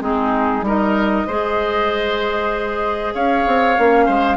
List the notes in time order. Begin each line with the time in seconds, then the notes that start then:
0.00 G#3 C4 D#4 G#4
0.61 G3 D#4 A#4 D#5
1.27 G#3 G#4 C5
3.14 C#4 C#5 F5
3.47 C4
3.77 A#3 C#4
4.05 G#3 C5